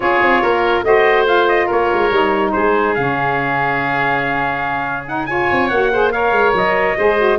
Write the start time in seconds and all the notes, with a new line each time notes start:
0.00 C#4 F4 G#4 C#5
0.21 C4
0.42 A#3 A#4
0.83 A3 F#4 C5 D#5
1.26 F4 F5
1.48 D#5
1.66 A#3 A#4 C#5
1.93 G#3
2.10 G3 D#4
2.51 G#3 G#4 C5
2.94 C#3 C#4 F5
5.07 D#4 F#5
5.26 F4 C#5 G#5
5.51 C4
5.68 A#3 F#4 F#5
5.91 G#4 C5
6.11 A#4 C#5 F5
6.31 G#3
6.53 F#3 D#5
6.97 G#3 G#4 C5
7.17 F#4